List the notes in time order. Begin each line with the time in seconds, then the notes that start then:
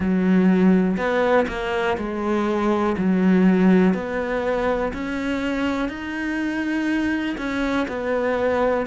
0.00 F#3
0.97 B3
1.48 A#3
1.97 G#3
2.97 F#3
3.93 B3
4.93 C#4
5.88 D#4
7.37 C#4
7.88 B3